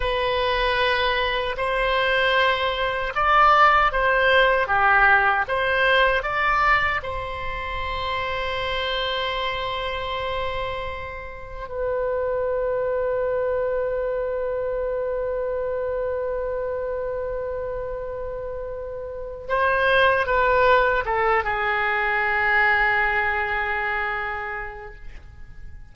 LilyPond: \new Staff \with { instrumentName = "oboe" } { \time 4/4 \tempo 4 = 77 b'2 c''2 | d''4 c''4 g'4 c''4 | d''4 c''2.~ | c''2. b'4~ |
b'1~ | b'1~ | b'4 c''4 b'4 a'8 gis'8~ | gis'1 | }